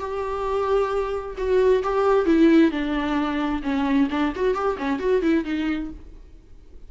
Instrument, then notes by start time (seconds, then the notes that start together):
viola
0.00 G4
1.38 F#4
1.84 G4
2.26 E4
2.71 D4
3.63 C#4
4.11 D4
4.36 F#4
4.55 G4
4.78 C#4
5.00 F#4
5.23 E4
5.45 D#4